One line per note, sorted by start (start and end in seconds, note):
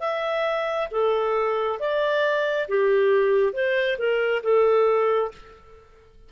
0.00 0.88 E5
0.91 1.79 A4
1.79 2.68 D5
2.68 3.53 G4
3.53 3.97 C5
3.98 4.42 A#4
4.43 5.31 A4